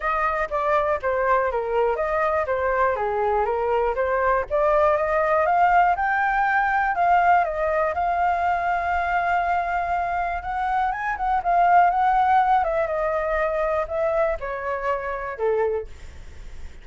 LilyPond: \new Staff \with { instrumentName = "flute" } { \time 4/4 \tempo 4 = 121 dis''4 d''4 c''4 ais'4 | dis''4 c''4 gis'4 ais'4 | c''4 d''4 dis''4 f''4 | g''2 f''4 dis''4 |
f''1~ | f''4 fis''4 gis''8 fis''8 f''4 | fis''4. e''8 dis''2 | e''4 cis''2 a'4 | }